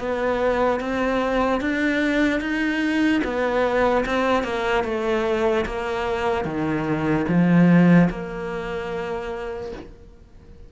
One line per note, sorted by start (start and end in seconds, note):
0.00 0.81 B3
0.81 1.61 C4
1.61 2.41 D4
2.41 3.22 D#4
3.24 4.05 B3
4.06 4.44 C4
4.44 4.85 A#3
4.85 5.66 A3
5.66 6.45 A#3
6.45 7.26 D#3
7.29 8.10 F3
8.10 9.73 A#3